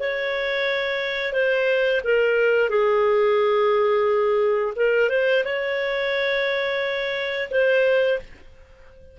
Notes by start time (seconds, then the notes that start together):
0.00 C#5
1.33 C5
2.04 A#4
2.69 G#4
4.76 A#4
5.10 C5
5.45 C#5
7.51 C5